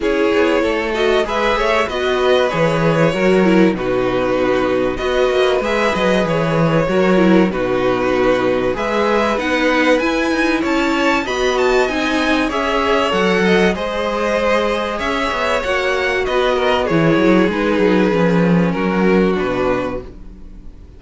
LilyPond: <<
  \new Staff \with { instrumentName = "violin" } { \time 4/4 \tempo 4 = 96 cis''4. dis''8 e''4 dis''4 | cis''2 b'2 | dis''4 e''8 dis''8 cis''2 | b'2 e''4 fis''4 |
gis''4 a''4 b''8 a''8 gis''4 | e''4 fis''4 dis''2 | e''4 fis''4 dis''4 cis''4 | b'2 ais'4 b'4 | }
  \new Staff \with { instrumentName = "violin" } { \time 4/4 gis'4 a'4 b'8 cis''8 b'4~ | b'4 ais'4 fis'2 | b'2. ais'4 | fis'2 b'2~ |
b'4 cis''4 dis''2 | cis''4. dis''8 c''2 | cis''2 b'8 ais'8 gis'4~ | gis'2 fis'2 | }
  \new Staff \with { instrumentName = "viola" } { \time 4/4 e'4. fis'8 gis'4 fis'4 | gis'4 fis'8 e'8 dis'2 | fis'4 gis'2 fis'8 e'8 | dis'2 gis'4 dis'4 |
e'2 fis'4 dis'4 | gis'4 a'4 gis'2~ | gis'4 fis'2 e'4 | dis'4 cis'2 d'4 | }
  \new Staff \with { instrumentName = "cello" } { \time 4/4 cis'8 b8 a4 gis8 a8 b4 | e4 fis4 b,2 | b8 ais8 gis8 fis8 e4 fis4 | b,2 gis4 b4 |
e'8 dis'8 cis'4 b4 c'4 | cis'4 fis4 gis2 | cis'8 b8 ais4 b4 e8 fis8 | gis8 fis8 f4 fis4 b,4 | }
>>